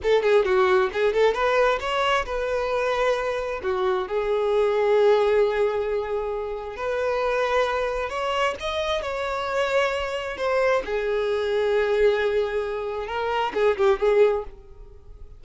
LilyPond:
\new Staff \with { instrumentName = "violin" } { \time 4/4 \tempo 4 = 133 a'8 gis'8 fis'4 gis'8 a'8 b'4 | cis''4 b'2. | fis'4 gis'2.~ | gis'2. b'4~ |
b'2 cis''4 dis''4 | cis''2. c''4 | gis'1~ | gis'4 ais'4 gis'8 g'8 gis'4 | }